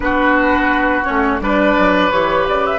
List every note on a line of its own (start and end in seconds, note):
0.00 1.06 B3
0.00 1.04 D4
0.00 1.42 F#4
0.00 1.04 B4
1.04 1.40 A3
1.04 1.39 C#4
1.04 1.40 C#5
1.40 1.75 G3
1.40 2.11 D4
1.40 2.78 B4
1.40 2.11 D5
1.78 2.11 F#3
2.11 2.46 E3
2.11 2.78 G4
2.11 2.46 C#5
2.47 2.78 C#3
2.47 2.65 D5
2.65 2.78 E5